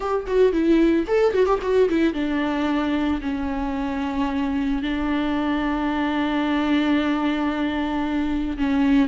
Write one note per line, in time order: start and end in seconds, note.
0.00 0.26 G4
0.26 0.52 F#4
0.52 1.05 E4
1.07 1.33 A4
1.33 1.45 F#4
1.45 1.59 G4
1.62 1.88 F#4
1.89 2.13 E4
2.13 3.20 D4
3.21 4.82 C#4
4.82 8.57 D4
8.57 9.08 C#4